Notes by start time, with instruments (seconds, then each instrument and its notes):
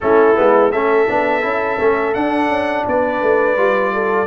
0.00 tuba A3, trombone C#4, horn E4, trumpet A4
0.35 tuba G#3, trombone B3
0.71 tuba A3, trombone C#4, horn A4, trumpet E5
1.07 tuba B3, trombone D4
1.41 tuba C#4, trombone E4
1.79 tuba A3, trombone C#4
2.14 trombone D4, tuba D4, trumpet F#5
2.48 tuba C#4
2.87 tuba B3, horn B4, trumpet D5
3.22 tuba A3
3.56 tuba G3, trombone F4
3.93 horn A4